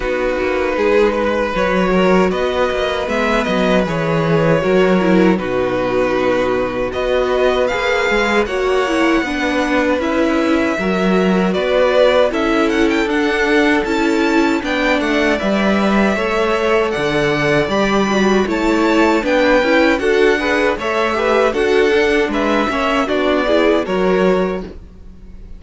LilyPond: <<
  \new Staff \with { instrumentName = "violin" } { \time 4/4 \tempo 4 = 78 b'2 cis''4 dis''4 | e''8 dis''8 cis''2 b'4~ | b'4 dis''4 f''4 fis''4~ | fis''4 e''2 d''4 |
e''8 fis''16 g''16 fis''4 a''4 g''8 fis''8 | e''2 fis''4 b''4 | a''4 g''4 fis''4 e''4 | fis''4 e''4 d''4 cis''4 | }
  \new Staff \with { instrumentName = "violin" } { \time 4/4 fis'4 gis'8 b'4 ais'8 b'4~ | b'2 ais'4 fis'4~ | fis'4 b'2 cis''4 | b'2 ais'4 b'4 |
a'2. d''4~ | d''4 cis''4 d''2 | cis''4 b'4 a'8 b'8 cis''8 b'8 | a'4 b'8 cis''8 fis'8 gis'8 ais'4 | }
  \new Staff \with { instrumentName = "viola" } { \time 4/4 dis'2 fis'2 | b4 gis'4 fis'8 e'8 dis'4~ | dis'4 fis'4 gis'4 fis'8 e'8 | d'4 e'4 fis'2 |
e'4 d'4 e'4 d'4 | b'4 a'2 g'8 fis'8 | e'4 d'8 e'8 fis'8 gis'8 a'8 g'8 | fis'8 d'4 cis'8 d'8 e'8 fis'4 | }
  \new Staff \with { instrumentName = "cello" } { \time 4/4 b8 ais8 gis4 fis4 b8 ais8 | gis8 fis8 e4 fis4 b,4~ | b,4 b4 ais8 gis8 ais4 | b4 cis'4 fis4 b4 |
cis'4 d'4 cis'4 b8 a8 | g4 a4 d4 g4 | a4 b8 cis'8 d'4 a4 | d'4 gis8 ais8 b4 fis4 | }
>>